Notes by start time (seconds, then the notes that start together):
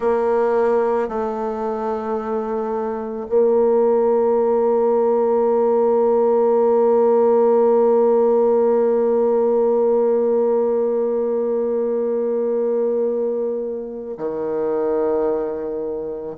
0.00 A#3
1.08 A3
3.29 A#3
14.17 D#3